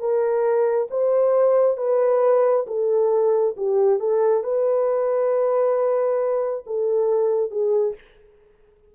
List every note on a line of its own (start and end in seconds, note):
0.00 0.88 A#4
0.90 1.77 C5
1.77 2.66 B4
2.67 3.55 A4
3.57 3.99 G4
3.99 4.44 A4
4.44 6.65 B4
6.67 7.51 A4
7.51 7.95 G#4